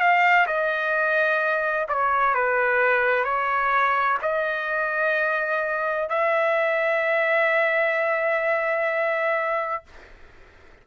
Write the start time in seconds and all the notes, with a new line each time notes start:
0.00 F5
0.47 D#5
1.89 C#5
2.35 B4
3.25 C#5
4.22 D#5
6.09 E5